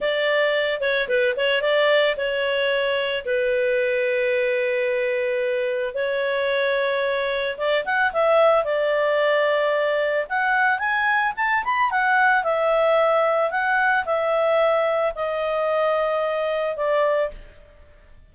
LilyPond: \new Staff \with { instrumentName = "clarinet" } { \time 4/4 \tempo 4 = 111 d''4. cis''8 b'8 cis''8 d''4 | cis''2 b'2~ | b'2. cis''4~ | cis''2 d''8 fis''8 e''4 |
d''2. fis''4 | gis''4 a''8 b''8 fis''4 e''4~ | e''4 fis''4 e''2 | dis''2. d''4 | }